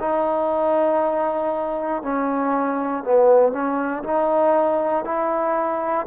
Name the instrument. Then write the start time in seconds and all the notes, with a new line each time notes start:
trombone
0.00 D#4
2.02 C#4
3.04 B3
3.52 C#4
4.03 D#4
5.04 E4